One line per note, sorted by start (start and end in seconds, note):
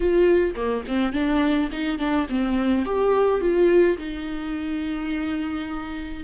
0.00 0.54 F4
0.55 0.84 A#3
0.87 1.12 C4
1.12 1.69 D4
1.72 1.98 D#4
1.98 2.26 D4
2.29 2.85 C4
2.85 3.40 G4
3.40 3.97 F4
3.97 6.23 D#4